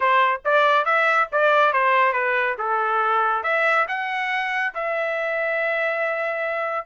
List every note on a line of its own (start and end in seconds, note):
0.00 0.41 C5
0.44 0.85 D5
0.85 1.28 E5
1.31 1.72 D5
1.72 2.12 C5
2.12 2.55 B4
2.58 3.43 A4
3.43 3.86 E5
3.88 4.73 F#5
4.74 6.85 E5